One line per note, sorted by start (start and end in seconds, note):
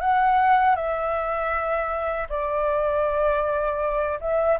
0.00 0.75 F#5
0.75 2.27 E5
2.29 4.19 D5
4.20 4.58 E5